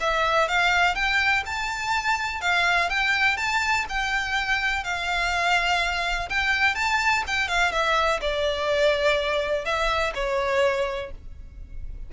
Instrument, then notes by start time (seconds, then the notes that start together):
violin
0.00 E5
0.48 F5
0.95 G5
1.46 A5
2.41 F5
2.89 G5
3.37 A5
3.89 G5
4.84 F5
6.29 G5
6.75 A5
7.27 G5
7.48 F5
7.72 E5
8.21 D5
9.65 E5
10.15 C#5